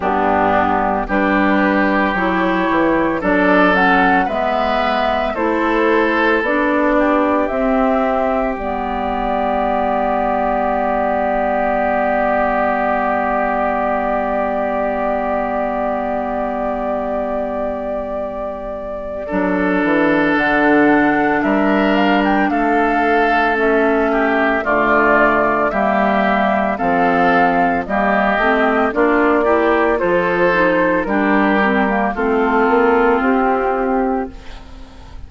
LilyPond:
<<
  \new Staff \with { instrumentName = "flute" } { \time 4/4 \tempo 4 = 56 g'4 b'4 cis''4 d''8 fis''8 | e''4 c''4 d''4 e''4 | d''1~ | d''1~ |
d''2. fis''4 | e''8 f''16 g''16 f''4 e''4 d''4 | e''4 f''4 dis''4 d''4 | c''4 ais'4 a'4 g'4 | }
  \new Staff \with { instrumentName = "oboe" } { \time 4/4 d'4 g'2 a'4 | b'4 a'4. g'4.~ | g'1~ | g'1~ |
g'2 a'2 | ais'4 a'4. g'8 f'4 | g'4 a'4 g'4 f'8 g'8 | a'4 g'4 f'2 | }
  \new Staff \with { instrumentName = "clarinet" } { \time 4/4 b4 d'4 e'4 d'8 cis'8 | b4 e'4 d'4 c'4 | b1~ | b1~ |
b2 d'2~ | d'2 cis'4 a4 | ais4 c'4 ais8 c'8 d'8 e'8 | f'8 dis'8 d'8 c'16 ais16 c'2 | }
  \new Staff \with { instrumentName = "bassoon" } { \time 4/4 g,4 g4 fis8 e8 fis4 | gis4 a4 b4 c'4 | g1~ | g1~ |
g2 fis8 e8 d4 | g4 a2 d4 | g4 f4 g8 a8 ais4 | f4 g4 a8 ais8 c'4 | }
>>